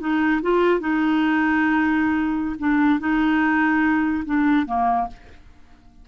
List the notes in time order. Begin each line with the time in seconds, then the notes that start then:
0.00 D#4
0.42 F4
0.80 D#4
2.59 D4
3.00 D#4
4.25 D4
4.66 A#3